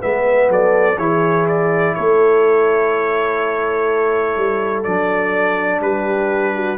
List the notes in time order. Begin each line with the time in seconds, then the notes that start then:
0.00 G#3 B3 B4 E5
0.50 F#3 A4 D5
0.98 E3 E4 G#4 C#5
1.48 D5
1.95 A3 A4 C#5
4.37 G3
4.84 F#3 D4 D5
5.81 G3 G4 B4
6.55 F#4